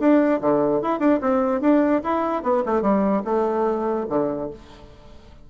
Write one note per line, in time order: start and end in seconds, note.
0.00 0.41 D4
0.41 0.82 D3
0.82 0.99 E4
0.99 1.20 D4
1.21 1.61 C4
1.61 2.02 D4
2.04 2.43 E4
2.43 2.63 B3
2.66 2.82 A3
2.82 3.23 G3
3.25 4.06 A3
4.09 4.50 D3